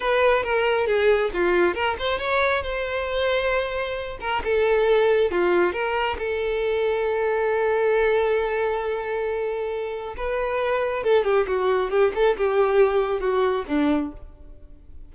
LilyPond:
\new Staff \with { instrumentName = "violin" } { \time 4/4 \tempo 4 = 136 b'4 ais'4 gis'4 f'4 | ais'8 c''8 cis''4 c''2~ | c''4. ais'8 a'2 | f'4 ais'4 a'2~ |
a'1~ | a'2. b'4~ | b'4 a'8 g'8 fis'4 g'8 a'8 | g'2 fis'4 d'4 | }